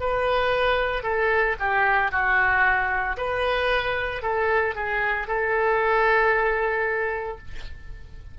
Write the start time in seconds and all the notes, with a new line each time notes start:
0.00 B4
1.04 A4
1.60 G4
2.12 F#4
3.17 B4
4.22 A4
4.75 G#4
5.28 A4